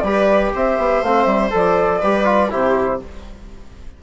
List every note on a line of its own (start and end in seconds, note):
0.00 0.53 G3
0.00 1.04 G4
0.00 0.54 B4
0.00 0.50 D5
0.54 0.78 C4
0.54 2.02 C5
0.54 1.04 E5
0.78 1.03 B3
1.03 1.26 A3
1.03 1.51 C4
1.03 1.25 F5
1.25 1.51 G3
1.25 1.50 E5
1.51 2.03 F3
1.51 2.00 A4
1.51 2.52 D5
2.02 2.52 G3
2.02 2.25 G4
2.02 2.51 B4
2.25 2.50 F4
2.50 3.03 C3
2.50 3.00 E4
2.50 3.02 G4
2.50 3.02 C5